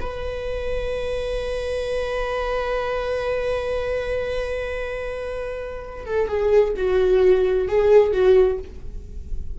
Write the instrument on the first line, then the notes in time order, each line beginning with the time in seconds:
viola
0.00 B4
6.06 A4
6.27 G#4
6.76 F#4
7.68 G#4
8.12 F#4